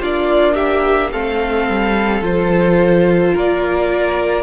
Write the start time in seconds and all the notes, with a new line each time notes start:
0.00 A#3 D4 F4 D5
0.54 G4 E5
1.12 A3 C4 A4 F5
1.69 G3
2.21 F3 F4 C5
3.34 A#3 A#4 D5